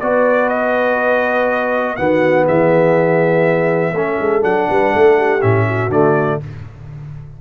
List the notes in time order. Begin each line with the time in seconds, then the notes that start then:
0.00 B3 F#4 B4 D5
0.49 D#5
1.96 D#3 B3 F#4 F#5
2.45 E3 G#4 E5
3.93 A3 C#4 A4
4.19 G#3
4.41 F#3 D4 F#5
4.70 G3 B4
4.93 A3 A4
5.18 G4
5.41 A2 C#4 E5
5.66 F#4
5.89 D3 A3 D5